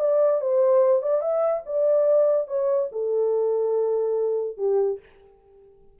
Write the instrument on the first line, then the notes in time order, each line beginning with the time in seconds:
horn
0.00 D5
0.41 C5
1.02 D5
1.22 E5
1.66 D5
2.48 C#5
2.92 A4
4.58 G4